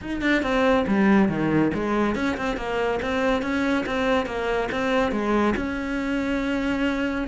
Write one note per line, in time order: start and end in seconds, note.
0.01 0.21 D#4
0.21 0.42 D4
0.42 0.85 C4
0.87 1.28 G3
1.28 1.71 D#3
1.74 2.15 G#3
2.15 2.36 C#4
2.37 2.56 C4
2.56 2.99 A#3
3.02 3.41 C4
3.41 3.84 C#4
3.86 4.26 C4
4.26 4.69 A#3
4.71 5.11 C4
5.11 5.54 G#3
5.56 7.27 C#4